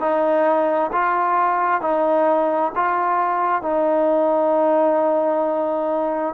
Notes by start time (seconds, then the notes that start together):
0.00 D#4
0.92 F4
1.81 D#4
2.76 F4
3.62 D#4